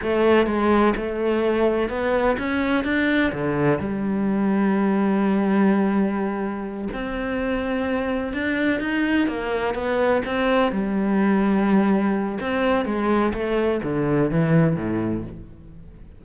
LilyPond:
\new Staff \with { instrumentName = "cello" } { \time 4/4 \tempo 4 = 126 a4 gis4 a2 | b4 cis'4 d'4 d4 | g1~ | g2~ g8 c'4.~ |
c'4. d'4 dis'4 ais8~ | ais8 b4 c'4 g4.~ | g2 c'4 gis4 | a4 d4 e4 a,4 | }